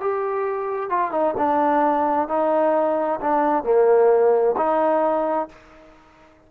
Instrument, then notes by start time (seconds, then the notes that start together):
trombone
0.00 G4
0.90 F4
1.11 D#4
1.37 D4
2.28 D#4
3.21 D4
3.64 A#3
4.57 D#4